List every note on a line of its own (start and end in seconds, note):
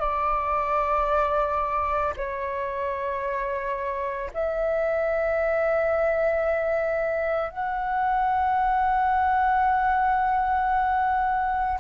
0.00 2.14 D5
2.17 4.31 C#5
4.34 7.50 E5
7.50 11.79 F#5